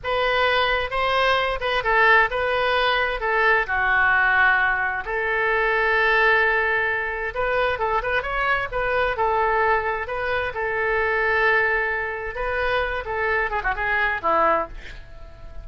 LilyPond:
\new Staff \with { instrumentName = "oboe" } { \time 4/4 \tempo 4 = 131 b'2 c''4. b'8 | a'4 b'2 a'4 | fis'2. a'4~ | a'1 |
b'4 a'8 b'8 cis''4 b'4 | a'2 b'4 a'4~ | a'2. b'4~ | b'8 a'4 gis'16 fis'16 gis'4 e'4 | }